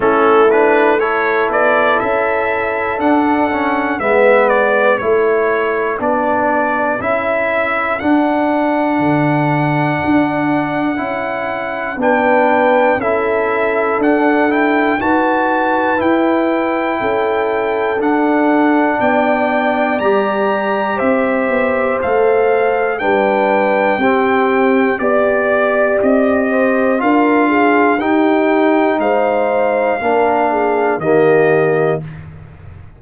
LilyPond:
<<
  \new Staff \with { instrumentName = "trumpet" } { \time 4/4 \tempo 4 = 60 a'8 b'8 cis''8 d''8 e''4 fis''4 | e''8 d''8 cis''4 d''4 e''4 | fis''1 | g''4 e''4 fis''8 g''8 a''4 |
g''2 fis''4 g''4 | ais''4 e''4 f''4 g''4~ | g''4 d''4 dis''4 f''4 | g''4 f''2 dis''4 | }
  \new Staff \with { instrumentName = "horn" } { \time 4/4 e'4 a'2. | b'4 a'2.~ | a'1 | b'4 a'2 b'4~ |
b'4 a'2 d''4~ | d''4 c''2 b'4 | g'4 d''4. c''8 ais'8 gis'8 | g'4 c''4 ais'8 gis'8 g'4 | }
  \new Staff \with { instrumentName = "trombone" } { \time 4/4 cis'8 d'8 e'2 d'8 cis'8 | b4 e'4 d'4 e'4 | d'2. e'4 | d'4 e'4 d'8 e'8 fis'4 |
e'2 d'2 | g'2 a'4 d'4 | c'4 g'2 f'4 | dis'2 d'4 ais4 | }
  \new Staff \with { instrumentName = "tuba" } { \time 4/4 a4. b8 cis'4 d'4 | gis4 a4 b4 cis'4 | d'4 d4 d'4 cis'4 | b4 cis'4 d'4 dis'4 |
e'4 cis'4 d'4 b4 | g4 c'8 b8 a4 g4 | c'4 b4 c'4 d'4 | dis'4 gis4 ais4 dis4 | }
>>